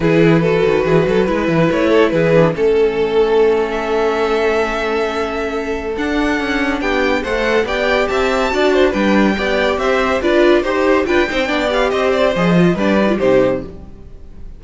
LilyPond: <<
  \new Staff \with { instrumentName = "violin" } { \time 4/4 \tempo 4 = 141 b'1 | cis''4 b'4 a'2~ | a'8. e''2.~ e''16~ | e''2 fis''2 |
g''4 fis''4 g''4 a''4~ | a''4 g''2 e''4 | d''4 c''4 g''4. f''8 | dis''8 d''8 dis''4 d''4 c''4 | }
  \new Staff \with { instrumentName = "violin" } { \time 4/4 gis'4 a'4 gis'8 a'8 b'4~ | b'8 a'8 gis'4 a'2~ | a'1~ | a'1 |
g'4 c''4 d''4 e''4 | d''8 c''8 b'4 d''4 c''4 | b'4 c''4 b'8 c''8 d''4 | c''2 b'4 g'4 | }
  \new Staff \with { instrumentName = "viola" } { \time 4/4 e'4 fis'2 e'4~ | e'4. d'8 cis'2~ | cis'1~ | cis'2 d'2~ |
d'4 a'4 g'2 | fis'4 d'4 g'2 | f'4 g'4 f'8 dis'8 d'8 g'8~ | g'4 gis'8 f'8 d'8 dis'16 f'16 dis'4 | }
  \new Staff \with { instrumentName = "cello" } { \time 4/4 e4. dis8 e8 fis8 gis8 e8 | a4 e4 a2~ | a1~ | a2 d'4 cis'4 |
b4 a4 b4 c'4 | d'4 g4 b4 c'4 | d'4 dis'4 d'8 c'8 b4 | c'4 f4 g4 c4 | }
>>